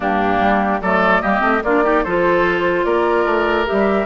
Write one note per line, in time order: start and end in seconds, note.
0.00 0.39 G2
0.00 0.81 A#3
0.00 0.80 D4
0.00 0.81 G4
0.39 0.80 G3
0.81 1.22 F#3
0.81 1.22 A3
0.81 1.22 A4
0.81 1.22 D5
1.22 1.41 G3
1.22 1.39 A#3
1.22 1.62 G4
1.22 1.62 D#5
1.39 1.61 A3
1.39 1.60 C4
1.63 2.04 A#3
1.63 1.83 D4
1.63 1.83 F4
1.63 2.03 D5
1.83 2.03 D#4
1.83 2.04 G4
2.03 2.85 F3
2.03 3.65 F4
2.03 2.85 A4
2.03 2.84 C5
2.84 3.25 A#3
2.84 4.05 A#4
2.84 3.66 D5
3.25 3.66 A3
3.65 4.05 G4
3.65 4.05 E5
3.71 4.05 G3